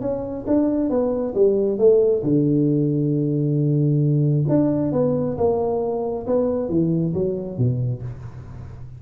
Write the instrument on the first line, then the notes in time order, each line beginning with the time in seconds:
tuba
0.00 C#4
0.46 D4
0.89 B3
1.34 G3
1.78 A3
2.23 D3
4.48 D4
4.92 B3
5.37 A#3
6.26 B3
6.68 E3
7.13 F#3
7.58 B2